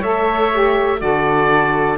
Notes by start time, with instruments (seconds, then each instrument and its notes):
0.00 cello A3, saxophone A4, flute C#5, oboe E5
0.53 saxophone G4
0.98 cello D3, saxophone F#4, flute A4, oboe D5